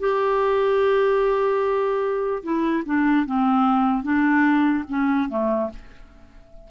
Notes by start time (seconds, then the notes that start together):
0.00 G4
2.43 E4
2.86 D4
3.26 C4
4.03 D4
4.89 C#4
5.29 A3